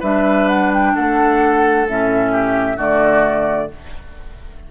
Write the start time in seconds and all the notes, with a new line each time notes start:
0.00 G3 D4 B4 E5
0.49 F#5
0.74 G5
0.96 A3 A4 F#5
1.88 A2 C#4 E5
2.32 G4
2.77 D3 A3 F#4 D5